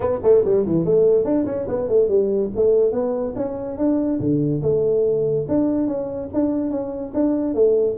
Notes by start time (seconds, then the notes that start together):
0.00 B3
0.23 A3
0.44 G3
0.66 E3
0.85 A3
1.24 D4
1.45 C#4
1.68 B3
1.88 A3
2.08 G3
2.55 A3
2.91 B3
3.35 C#4
3.77 D4
4.20 D3
4.62 A3
5.48 D4
5.87 C#4
6.33 D4
6.70 C#4
7.14 D4
7.54 A3